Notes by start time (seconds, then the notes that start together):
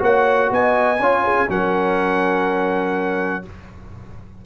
0.00 A#3 F#4 C#5 F#5
0.51 B3 D#5 G#5
1.00 C#4 F4 C#5
1.25 G#4
1.48 F#3 C#4 A#4 F#5